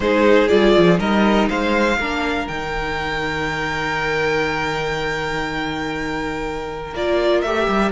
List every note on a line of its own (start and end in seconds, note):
0.00 0.48 G#3
0.00 0.49 D#4
0.00 0.99 G#4
0.00 0.48 C5
0.48 0.76 G3
0.48 0.98 F4
0.48 0.97 D5
0.77 0.99 F3
0.98 1.49 G3
0.98 1.97 D#4
0.98 1.48 A#4
0.98 1.48 D#5
1.48 1.98 G#3
1.48 1.98 C5
1.48 2.47 F5
1.98 2.47 A#3
1.98 2.49 D4
1.98 7.92 A#4
2.47 6.93 D#3
2.47 6.95 D#4
2.47 6.93 G5
6.93 7.42 A#3
6.93 7.45 F4
6.93 7.42 D5
7.42 7.67 A3
7.42 7.92 G4
7.42 7.91 E5
7.67 7.92 G3